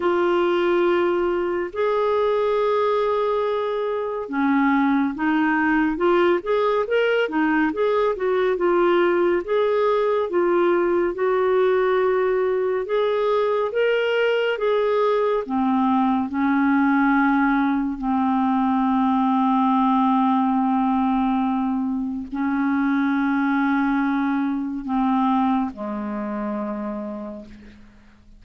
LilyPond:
\new Staff \with { instrumentName = "clarinet" } { \time 4/4 \tempo 4 = 70 f'2 gis'2~ | gis'4 cis'4 dis'4 f'8 gis'8 | ais'8 dis'8 gis'8 fis'8 f'4 gis'4 | f'4 fis'2 gis'4 |
ais'4 gis'4 c'4 cis'4~ | cis'4 c'2.~ | c'2 cis'2~ | cis'4 c'4 gis2 | }